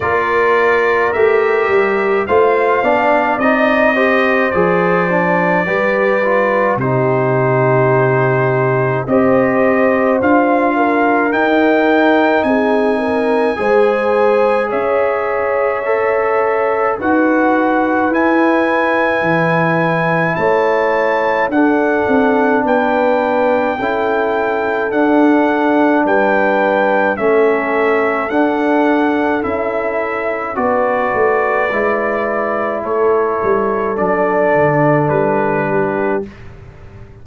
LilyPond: <<
  \new Staff \with { instrumentName = "trumpet" } { \time 4/4 \tempo 4 = 53 d''4 e''4 f''4 dis''4 | d''2 c''2 | dis''4 f''4 g''4 gis''4~ | gis''4 e''2 fis''4 |
gis''2 a''4 fis''4 | g''2 fis''4 g''4 | e''4 fis''4 e''4 d''4~ | d''4 cis''4 d''4 b'4 | }
  \new Staff \with { instrumentName = "horn" } { \time 4/4 ais'2 c''8 d''4 c''8~ | c''4 b'4 g'2 | c''4. ais'4. gis'8 ais'8 | c''4 cis''2 b'4~ |
b'2 cis''4 a'4 | b'4 a'2 b'4 | a'2. b'4~ | b'4 a'2~ a'8 g'8 | }
  \new Staff \with { instrumentName = "trombone" } { \time 4/4 f'4 g'4 f'8 d'8 dis'8 g'8 | gis'8 d'8 g'8 f'8 dis'2 | g'4 f'4 dis'2 | gis'2 a'4 fis'4 |
e'2. d'4~ | d'4 e'4 d'2 | cis'4 d'4 e'4 fis'4 | e'2 d'2 | }
  \new Staff \with { instrumentName = "tuba" } { \time 4/4 ais4 a8 g8 a8 b8 c'4 | f4 g4 c2 | c'4 d'4 dis'4 c'4 | gis4 cis'2 dis'4 |
e'4 e4 a4 d'8 c'8 | b4 cis'4 d'4 g4 | a4 d'4 cis'4 b8 a8 | gis4 a8 g8 fis8 d8 g4 | }
>>